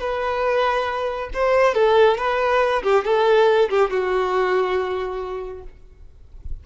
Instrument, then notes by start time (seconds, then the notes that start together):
violin
0.00 B4
1.33 C5
1.74 A4
2.17 B4
2.83 G4
3.04 A4
3.69 G4
3.90 F#4